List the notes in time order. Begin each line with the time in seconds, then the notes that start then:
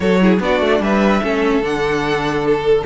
0.00 F#3 F#4 A4 C#5
0.20 E4 G#4
0.40 B3 D4 F#4 D5
0.60 A3
0.79 G3 B4 E5
1.22 A3 C#4 A4
1.61 D3 D4 F#5
2.46 A4